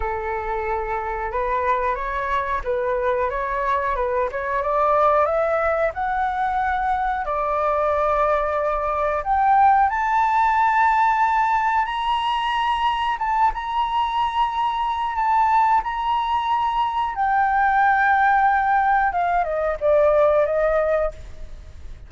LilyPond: \new Staff \with { instrumentName = "flute" } { \time 4/4 \tempo 4 = 91 a'2 b'4 cis''4 | b'4 cis''4 b'8 cis''8 d''4 | e''4 fis''2 d''4~ | d''2 g''4 a''4~ |
a''2 ais''2 | a''8 ais''2~ ais''8 a''4 | ais''2 g''2~ | g''4 f''8 dis''8 d''4 dis''4 | }